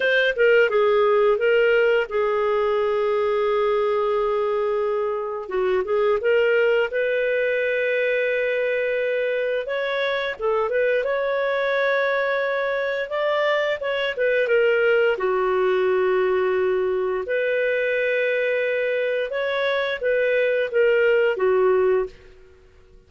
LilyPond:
\new Staff \with { instrumentName = "clarinet" } { \time 4/4 \tempo 4 = 87 c''8 ais'8 gis'4 ais'4 gis'4~ | gis'1 | fis'8 gis'8 ais'4 b'2~ | b'2 cis''4 a'8 b'8 |
cis''2. d''4 | cis''8 b'8 ais'4 fis'2~ | fis'4 b'2. | cis''4 b'4 ais'4 fis'4 | }